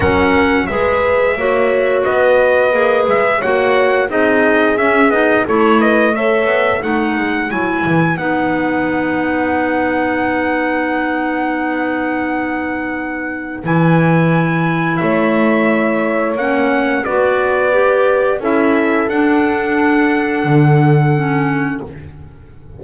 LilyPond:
<<
  \new Staff \with { instrumentName = "trumpet" } { \time 4/4 \tempo 4 = 88 fis''4 e''2 dis''4~ | dis''8 e''8 fis''4 dis''4 e''8 dis''8 | cis''8 dis''8 e''4 fis''4 gis''4 | fis''1~ |
fis''1 | gis''2 e''2 | fis''4 d''2 e''4 | fis''1 | }
  \new Staff \with { instrumentName = "horn" } { \time 4/4 ais'4 b'4 cis''4 b'4~ | b'4 cis''4 gis'2 | a'8 b'8 cis''4 b'2~ | b'1~ |
b'1~ | b'2 cis''2~ | cis''4 b'2 a'4~ | a'1 | }
  \new Staff \with { instrumentName = "clarinet" } { \time 4/4 cis'4 gis'4 fis'2 | gis'4 fis'4 dis'4 cis'8 dis'8 | e'4 a'4 dis'4 e'4 | dis'1~ |
dis'1 | e'1 | cis'4 fis'4 g'4 e'4 | d'2. cis'4 | }
  \new Staff \with { instrumentName = "double bass" } { \time 4/4 fis4 gis4 ais4 b4 | ais8 gis8 ais4 c'4 cis'8 b8 | a4. b8 a8 gis8 fis8 e8 | b1~ |
b1 | e2 a2 | ais4 b2 cis'4 | d'2 d2 | }
>>